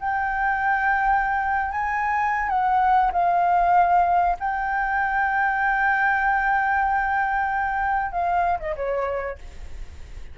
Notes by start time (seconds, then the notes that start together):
0.00 G5
1.71 G#5
2.49 F#5
3.12 F5
4.39 G5
8.12 F5
8.59 D#5
8.76 C#5